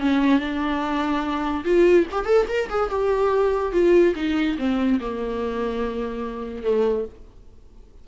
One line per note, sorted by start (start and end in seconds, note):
0.00 0.39 C#4
0.39 1.64 D4
1.65 2.06 F4
2.12 2.26 G4
2.26 2.46 A4
2.48 2.69 A#4
2.69 2.90 G#4
2.90 3.73 G4
3.73 4.14 F4
4.15 4.57 D#4
4.58 5.00 C4
5.01 6.63 A#3
6.63 7.05 A3